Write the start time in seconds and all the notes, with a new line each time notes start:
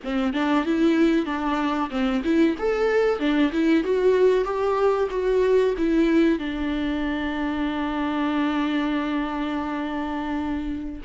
0.03 C4
0.33 D4
0.65 E4
1.25 D4
1.90 C4
2.23 E4
2.58 A4
3.19 D4
3.52 E4
3.83 F#4
4.44 G4
5.10 F#4
5.77 E4
6.39 D4